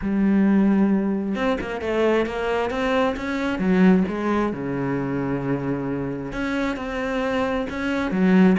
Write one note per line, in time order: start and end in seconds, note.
0.01 1.35 G3
1.35 1.57 C4
1.60 1.81 A#3
1.81 2.26 A3
2.26 2.70 A#3
2.70 3.15 C4
3.16 3.58 C#4
3.58 4.03 F#3
4.08 4.53 G#3
4.53 6.32 C#3
6.32 6.76 C#4
6.76 7.66 C4
7.69 8.11 C#4
8.11 8.56 F#3